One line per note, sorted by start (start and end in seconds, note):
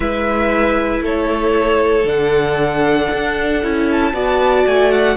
0.00 1.00 G#3
0.00 2.03 E4
0.00 1.02 B4
0.00 1.01 E5
1.00 2.04 A3
1.00 4.13 A4
1.00 2.08 C#5
2.04 3.07 D3
2.04 3.60 D4
2.04 3.89 F#5
3.12 3.63 D4
3.62 4.13 C#4
3.62 4.14 E4
3.91 4.67 A5
4.13 4.64 B3
4.13 5.16 F#4
4.13 5.16 D5
4.66 5.16 A3
4.66 4.91 G#5
4.91 5.16 F#5